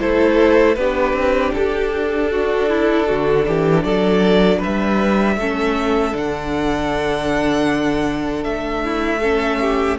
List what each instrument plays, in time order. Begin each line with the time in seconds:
0.00 cello A3, viola E4, violin A4 C5
0.75 cello B3, viola D4, violin G4 B4
1.13 cello C4
1.54 cello D4, violin A4
2.31 violin F#4
2.69 violin E4
3.07 cello D3, violin F#4
3.47 cello E3, violin G4
3.83 cello F#3, violin A4 D5
4.58 violin B4 E5
4.66 cello G3
5.37 cello A3, viola C#4, violin A4
6.13 cello D3, viola D4, violin F#5
8.44 cello A3, violin E5
8.84 violin E4
9.20 viola C#4, violin A4
9.61 violin G4